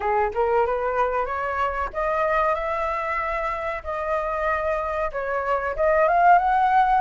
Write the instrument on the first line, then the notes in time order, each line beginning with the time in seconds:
flute
0.00 G#4
0.34 A#4
0.66 B4
1.25 C#5
1.93 D#5
2.54 E5
3.83 D#5
5.12 C#5
5.76 D#5
6.08 F5
6.38 F#5